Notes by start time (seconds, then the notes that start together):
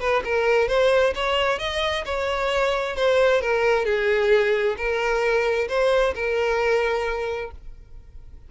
0.00 B4
0.24 A#4
0.68 C5
1.15 C#5
1.59 D#5
2.05 C#5
2.96 C5
3.41 A#4
3.85 G#4
4.77 A#4
5.68 C5
6.14 A#4